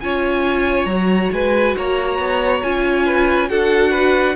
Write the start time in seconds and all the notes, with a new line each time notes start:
0.00 C#4 F4 C#5 G#5
0.85 F#3 F#4 A#5
1.32 G#3 B4 G#5
1.76 A#3 C#5 A#5
2.18 B3
2.63 C#4 F4 G#5
3.05 B4
3.48 D4 F#4 A4 F#5
3.91 B4